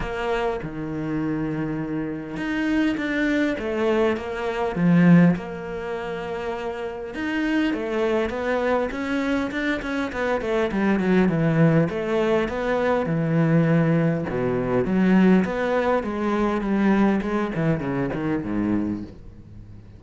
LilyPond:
\new Staff \with { instrumentName = "cello" } { \time 4/4 \tempo 4 = 101 ais4 dis2. | dis'4 d'4 a4 ais4 | f4 ais2. | dis'4 a4 b4 cis'4 |
d'8 cis'8 b8 a8 g8 fis8 e4 | a4 b4 e2 | b,4 fis4 b4 gis4 | g4 gis8 e8 cis8 dis8 gis,4 | }